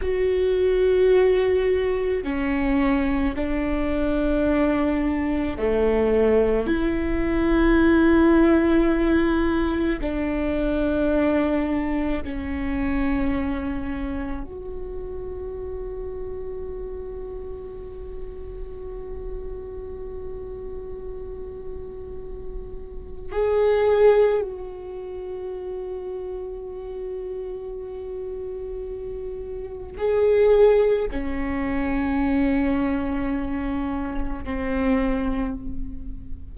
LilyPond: \new Staff \with { instrumentName = "viola" } { \time 4/4 \tempo 4 = 54 fis'2 cis'4 d'4~ | d'4 a4 e'2~ | e'4 d'2 cis'4~ | cis'4 fis'2.~ |
fis'1~ | fis'4 gis'4 fis'2~ | fis'2. gis'4 | cis'2. c'4 | }